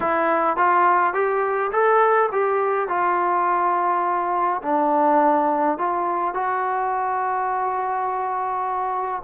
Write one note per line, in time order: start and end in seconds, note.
0.00 0.56 E4
0.56 1.13 F4
1.13 1.71 G4
1.72 2.29 A4
2.32 2.88 G4
2.88 4.61 F4
4.62 5.77 D4
5.78 6.33 F4
6.33 9.22 F#4